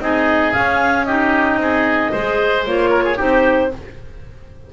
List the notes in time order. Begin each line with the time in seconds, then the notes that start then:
0.00 C4 D#4 G#4 D#5
0.53 C#4 F5
1.05 D#4 G4 D#5
1.57 C4 G#4
2.12 G#3 G#4 C5
2.66 A#3 F4 C#5
2.91 A#4
3.05 G#4
3.16 C4 D#4 G4 C5